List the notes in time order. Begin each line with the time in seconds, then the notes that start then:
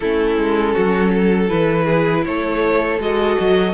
0.00 A3 C#4 E4 A4
0.37 G#3
0.73 F#3 F#4
1.14 A4
1.48 E3 E4 B4
1.84 G#4
2.24 A3 A4 C#5
2.99 G#3 F#4 D#5
3.40 F#3